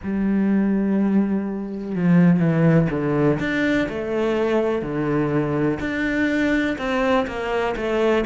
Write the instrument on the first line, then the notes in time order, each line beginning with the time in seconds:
cello
0.03 G3
1.95 F3
2.39 E3
2.90 D3
3.39 D4
3.88 A3
4.81 D3
5.80 D4
6.77 C4
7.27 A#3
7.76 A3